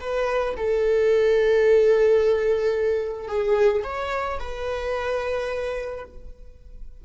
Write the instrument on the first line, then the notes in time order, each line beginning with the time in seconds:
viola
0.00 B4
0.56 A4
3.28 G#4
3.83 C#5
4.39 B4